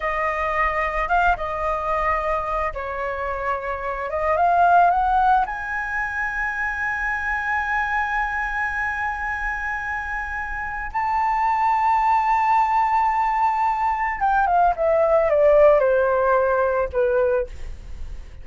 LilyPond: \new Staff \with { instrumentName = "flute" } { \time 4/4 \tempo 4 = 110 dis''2 f''8 dis''4.~ | dis''4 cis''2~ cis''8 dis''8 | f''4 fis''4 gis''2~ | gis''1~ |
gis''1 | a''1~ | a''2 g''8 f''8 e''4 | d''4 c''2 b'4 | }